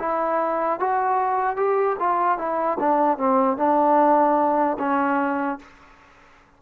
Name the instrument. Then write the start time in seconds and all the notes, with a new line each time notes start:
trombone
0.00 E4
0.80 F#4
1.57 G4
2.00 F4
2.39 E4
2.80 D4
3.18 C4
3.58 D4
4.79 C#4